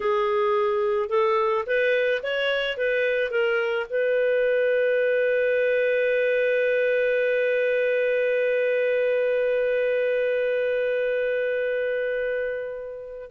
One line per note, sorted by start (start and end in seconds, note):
0.00 1.09 G#4
1.09 1.64 A4
1.66 2.21 B4
2.22 2.77 C#5
2.77 3.30 B4
3.30 3.86 A#4
3.89 13.30 B4